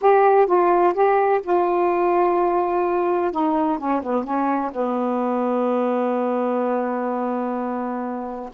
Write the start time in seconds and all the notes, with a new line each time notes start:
0.01 G4
0.46 F4
0.93 G4
1.43 F4
3.31 D#4
3.78 C#4
4.02 B3
4.24 C#4
4.72 B3